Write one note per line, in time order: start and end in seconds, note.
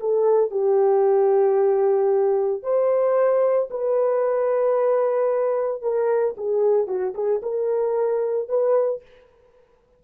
0.00 0.51 A4
0.51 2.63 G4
2.63 3.69 C5
3.71 5.82 B4
5.82 6.35 A#4
6.37 6.87 G#4
6.87 7.14 F#4
7.15 7.41 G#4
7.43 8.49 A#4
8.49 9.02 B4